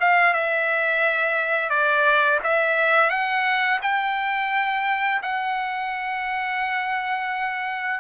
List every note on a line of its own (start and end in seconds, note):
0.00 0.33 F5
0.33 1.69 E5
1.69 2.39 D5
2.44 3.10 E5
3.10 3.79 F#5
3.82 5.21 G5
5.22 8.00 F#5